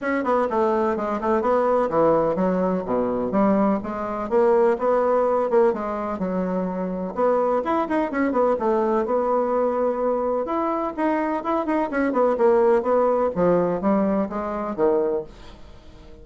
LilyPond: \new Staff \with { instrumentName = "bassoon" } { \time 4/4 \tempo 4 = 126 cis'8 b8 a4 gis8 a8 b4 | e4 fis4 b,4 g4 | gis4 ais4 b4. ais8 | gis4 fis2 b4 |
e'8 dis'8 cis'8 b8 a4 b4~ | b2 e'4 dis'4 | e'8 dis'8 cis'8 b8 ais4 b4 | f4 g4 gis4 dis4 | }